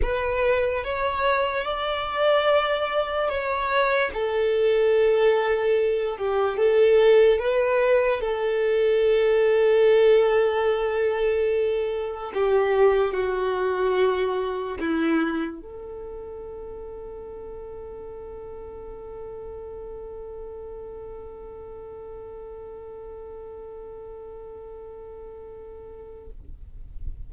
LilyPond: \new Staff \with { instrumentName = "violin" } { \time 4/4 \tempo 4 = 73 b'4 cis''4 d''2 | cis''4 a'2~ a'8 g'8 | a'4 b'4 a'2~ | a'2. g'4 |
fis'2 e'4 a'4~ | a'1~ | a'1~ | a'1 | }